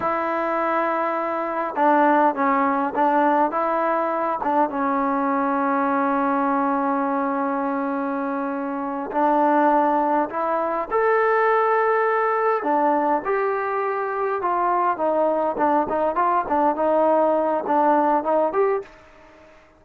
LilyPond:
\new Staff \with { instrumentName = "trombone" } { \time 4/4 \tempo 4 = 102 e'2. d'4 | cis'4 d'4 e'4. d'8 | cis'1~ | cis'2.~ cis'8 d'8~ |
d'4. e'4 a'4.~ | a'4. d'4 g'4.~ | g'8 f'4 dis'4 d'8 dis'8 f'8 | d'8 dis'4. d'4 dis'8 g'8 | }